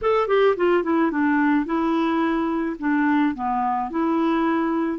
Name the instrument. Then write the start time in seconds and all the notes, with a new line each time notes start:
clarinet
0.01 A4
0.27 G4
0.56 F4
0.83 E4
1.11 D4
1.65 E4
2.79 D4
3.34 B3
3.90 E4